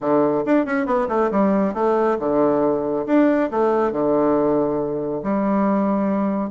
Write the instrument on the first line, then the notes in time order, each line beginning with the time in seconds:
bassoon
0.00 D3
0.45 D4
0.65 C#4
0.86 B3
1.08 A3
1.31 G3
1.74 A3
2.19 D3
3.06 D4
3.50 A3
3.92 D3
5.23 G3